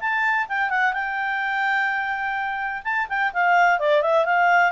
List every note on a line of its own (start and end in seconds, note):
0.00 0.47 A5
0.48 0.69 G5
0.69 0.93 F#5
0.93 2.82 G5
2.84 3.08 A5
3.09 3.32 G5
3.33 3.79 F5
3.79 4.02 D5
4.02 4.25 E5
4.25 4.72 F5